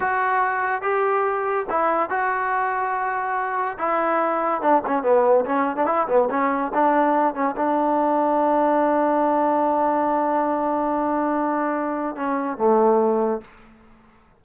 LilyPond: \new Staff \with { instrumentName = "trombone" } { \time 4/4 \tempo 4 = 143 fis'2 g'2 | e'4 fis'2.~ | fis'4 e'2 d'8 cis'8 | b4 cis'8. d'16 e'8 b8 cis'4 |
d'4. cis'8 d'2~ | d'1~ | d'1~ | d'4 cis'4 a2 | }